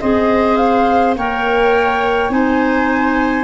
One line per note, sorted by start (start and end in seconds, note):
0.00 1.16 C4
0.00 1.16 G#4
0.00 1.16 C5
0.00 0.56 D#5
0.56 1.14 F5
1.16 2.29 A#3
1.16 2.30 A#4
1.16 2.32 C#5
1.16 2.31 G5
2.29 3.44 C4
2.29 3.44 D#4
2.29 3.44 C5
2.29 3.44 G#5